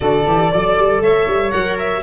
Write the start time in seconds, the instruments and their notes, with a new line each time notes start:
0.00 tuba D3, viola F#4, flute A4, violin D5
0.26 tuba E3, viola G4
0.51 tuba F#3, viola A4, flute D5
0.78 tuba G3
1.00 tuba A3, flute C#5, violin E5
1.27 tuba G3
1.51 tuba F#3, viola A#4, violin F#5
1.78 violin E5